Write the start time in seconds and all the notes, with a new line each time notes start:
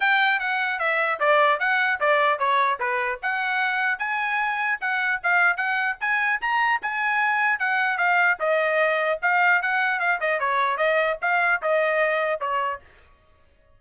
0.00 G5
0.39 F#5
0.79 E5
1.19 D5
1.59 F#5
2.00 D5
2.38 C#5
2.79 B4
3.22 F#5
3.99 G#5
4.80 F#5
5.23 F5
5.56 F#5
6.00 G#5
6.41 A#5
6.81 G#5
7.59 F#5
7.97 F5
8.39 D#5
9.22 F5
9.62 F#5
9.99 F5
10.20 D#5
10.39 C#5
10.77 D#5
11.21 F5
11.62 D#5
12.40 C#5